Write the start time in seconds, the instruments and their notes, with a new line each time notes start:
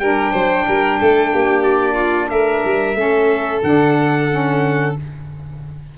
0.00 tuba G3, saxophone D4, violin A#4, trumpet G5
0.33 tuba F#3, violin C5
0.68 tuba G3, violin A#4
1.01 tuba A3, violin A4
1.33 tuba A#3, violin G4
1.63 trumpet D5
1.95 violin F4
2.30 tuba A3, violin A#4, trumpet E5
2.65 tuba G3
2.95 tuba A3, saxophone C#4, violin A4
3.64 tuba D3, saxophone D4, trumpet F#5
4.30 saxophone C#4